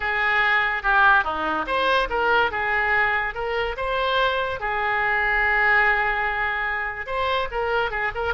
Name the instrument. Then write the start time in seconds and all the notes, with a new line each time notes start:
oboe
0.00 G#4
0.82 G4
1.23 D#4
1.66 C5
2.09 A#4
2.51 G#4
3.34 A#4
3.76 C5
4.59 G#4
7.06 C5
7.51 A#4
7.91 G#4
8.14 A#4